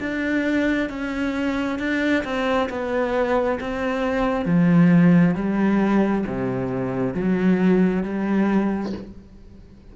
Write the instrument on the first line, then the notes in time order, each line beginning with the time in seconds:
cello
0.00 D4
0.89 C#4
1.79 D4
2.24 C4
2.69 B3
3.60 C4
4.45 F3
5.35 G3
6.26 C3
7.14 F#3
8.03 G3